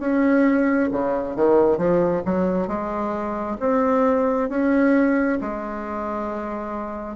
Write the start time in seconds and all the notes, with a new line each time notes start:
0.00 C#4
0.92 C#3
1.36 D#3
1.78 F3
2.26 F#3
2.68 G#3
3.60 C4
4.49 C#4
5.41 G#3